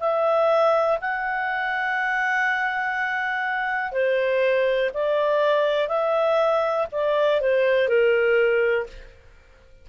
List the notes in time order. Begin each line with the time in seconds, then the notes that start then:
0.00 E5
1.01 F#5
3.92 C5
4.94 D5
5.88 E5
6.92 D5
7.41 C5
7.89 A#4